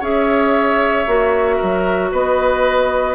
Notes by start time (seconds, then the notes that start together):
0.00 C#4 G#4 C#5 E5
1.07 A#3 F#4
1.56 F#3 A#4
2.12 B3 B4 D#5